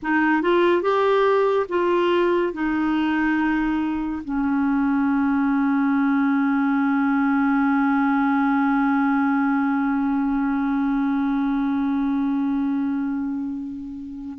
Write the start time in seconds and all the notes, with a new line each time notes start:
0.02 D#4
0.42 F4
0.82 G4
1.68 F4
2.53 D#4
4.24 C#4